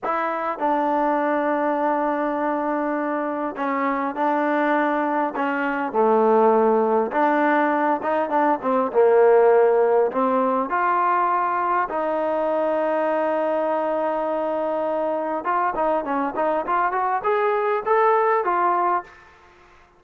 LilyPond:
\new Staff \with { instrumentName = "trombone" } { \time 4/4 \tempo 4 = 101 e'4 d'2.~ | d'2 cis'4 d'4~ | d'4 cis'4 a2 | d'4. dis'8 d'8 c'8 ais4~ |
ais4 c'4 f'2 | dis'1~ | dis'2 f'8 dis'8 cis'8 dis'8 | f'8 fis'8 gis'4 a'4 f'4 | }